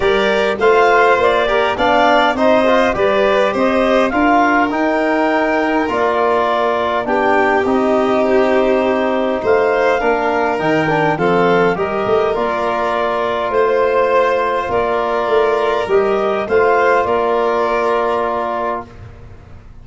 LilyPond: <<
  \new Staff \with { instrumentName = "clarinet" } { \time 4/4 \tempo 4 = 102 d''4 f''4 d''4 f''4 | dis''4 d''4 dis''4 f''4 | g''2 d''2 | g''4 dis''4 c''2 |
f''2 g''4 f''4 | dis''4 d''2 c''4~ | c''4 d''2 dis''4 | f''4 d''2. | }
  \new Staff \with { instrumentName = "violin" } { \time 4/4 ais'4 c''4. ais'8 d''4 | c''4 b'4 c''4 ais'4~ | ais'1 | g'1 |
c''4 ais'2 a'4 | ais'2. c''4~ | c''4 ais'2. | c''4 ais'2. | }
  \new Staff \with { instrumentName = "trombone" } { \time 4/4 g'4 f'4. g'8 d'4 | dis'8 f'8 g'2 f'4 | dis'2 f'2 | d'4 dis'2.~ |
dis'4 d'4 dis'8 d'8 c'4 | g'4 f'2.~ | f'2. g'4 | f'1 | }
  \new Staff \with { instrumentName = "tuba" } { \time 4/4 g4 a4 ais4 b4 | c'4 g4 c'4 d'4 | dis'2 ais2 | b4 c'2. |
a4 ais4 dis4 f4 | g8 a8 ais2 a4~ | a4 ais4 a4 g4 | a4 ais2. | }
>>